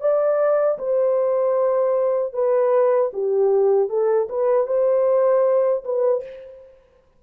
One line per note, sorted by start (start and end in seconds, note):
0.00 0.78 D5
0.78 2.33 C5
2.33 3.11 B4
3.13 3.89 G4
3.89 4.28 A4
4.29 4.66 B4
4.66 5.83 C5
5.84 6.23 B4